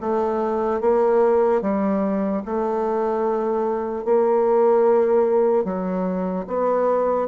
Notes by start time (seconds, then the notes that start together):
0.00 A3
0.80 A#3
1.61 G3
2.45 A3
4.04 A#3
5.64 F#3
6.47 B3